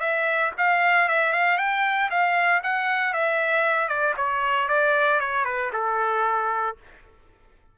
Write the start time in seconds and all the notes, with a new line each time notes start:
0.00 E5
0.58 F5
1.09 E5
1.33 F5
1.58 G5
2.10 F5
2.63 F#5
3.13 E5
3.88 D5
4.17 C#5
4.69 D5
5.20 C#5
5.45 B4
5.73 A4